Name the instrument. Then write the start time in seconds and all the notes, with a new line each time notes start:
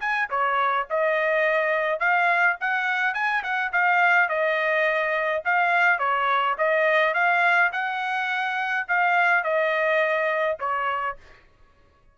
trumpet
0.00 G#5
0.30 C#5
0.90 D#5
1.99 F5
2.61 F#5
3.14 G#5
3.43 F#5
3.72 F5
4.29 D#5
5.44 F5
5.99 C#5
6.58 D#5
7.14 F5
7.72 F#5
8.88 F5
9.44 D#5
10.59 C#5